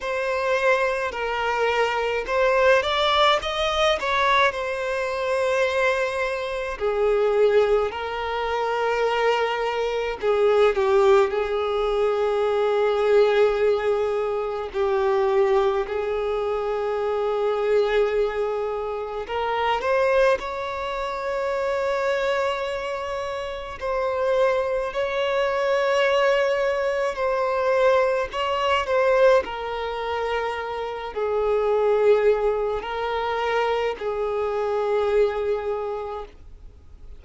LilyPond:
\new Staff \with { instrumentName = "violin" } { \time 4/4 \tempo 4 = 53 c''4 ais'4 c''8 d''8 dis''8 cis''8 | c''2 gis'4 ais'4~ | ais'4 gis'8 g'8 gis'2~ | gis'4 g'4 gis'2~ |
gis'4 ais'8 c''8 cis''2~ | cis''4 c''4 cis''2 | c''4 cis''8 c''8 ais'4. gis'8~ | gis'4 ais'4 gis'2 | }